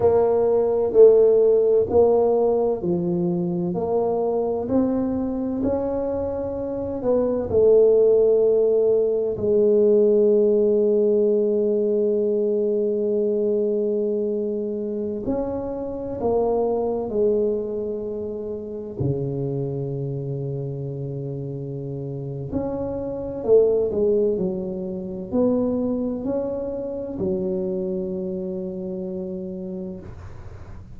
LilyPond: \new Staff \with { instrumentName = "tuba" } { \time 4/4 \tempo 4 = 64 ais4 a4 ais4 f4 | ais4 c'4 cis'4. b8 | a2 gis2~ | gis1~ |
gis16 cis'4 ais4 gis4.~ gis16~ | gis16 cis2.~ cis8. | cis'4 a8 gis8 fis4 b4 | cis'4 fis2. | }